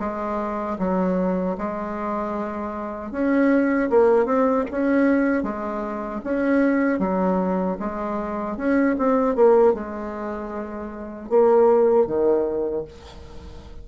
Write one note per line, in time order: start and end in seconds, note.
0.00 0.78 G#3
0.79 1.57 F#3
1.58 3.12 G#3
3.12 3.90 C#4
3.90 4.26 A#3
4.26 4.65 C4
4.71 5.44 C#4
5.44 6.22 G#3
6.24 7.00 C#4
7.00 7.77 F#3
7.80 8.57 G#3
8.57 8.96 C#4
8.99 9.36 C4
9.36 9.74 A#3
9.74 11.30 G#3
11.30 12.07 A#3
12.07 12.85 D#3